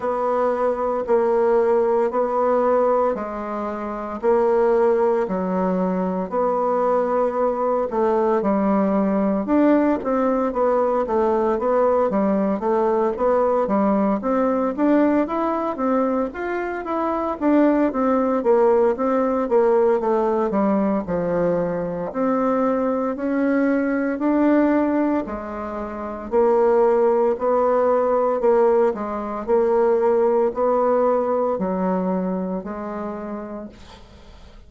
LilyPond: \new Staff \with { instrumentName = "bassoon" } { \time 4/4 \tempo 4 = 57 b4 ais4 b4 gis4 | ais4 fis4 b4. a8 | g4 d'8 c'8 b8 a8 b8 g8 | a8 b8 g8 c'8 d'8 e'8 c'8 f'8 |
e'8 d'8 c'8 ais8 c'8 ais8 a8 g8 | f4 c'4 cis'4 d'4 | gis4 ais4 b4 ais8 gis8 | ais4 b4 fis4 gis4 | }